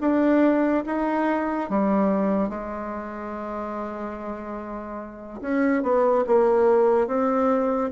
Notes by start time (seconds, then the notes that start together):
0.00 D4
0.86 D#4
1.69 G3
2.49 G#3
5.41 C#4
5.82 B3
6.26 A#3
7.07 C4